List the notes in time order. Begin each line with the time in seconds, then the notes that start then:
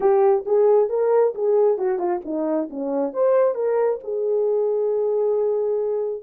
0.00 G4
0.45 G#4
0.89 A#4
1.34 G#4
1.78 F#4
1.98 F4
2.24 D#4
2.69 C#4
3.13 C5
3.54 A#4
4.03 G#4